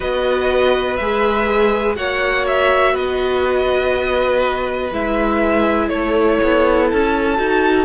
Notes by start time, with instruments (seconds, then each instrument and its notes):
0.00 cello B3, viola F#4, violin B4 D#5
0.96 cello G#3, viola G#4, violin E5
1.95 cello A#3, viola F#4, violin C#5 F#5
2.47 violin E5
2.93 cello B3, violin B4 D#5
4.91 cello G#3, viola E4, violin E5
5.89 cello A3, violin A4 C#5
6.43 cello B3
6.90 cello C#4, violin A5
7.37 cello D#4, viola F#4